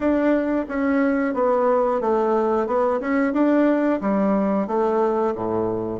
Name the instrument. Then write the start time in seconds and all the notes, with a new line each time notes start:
bassoon
0.00 D4
0.68 C#4
1.34 B3
2.00 A3
2.66 B3
3.00 C#4
3.33 D4
4.00 G3
4.67 A3
5.35 A2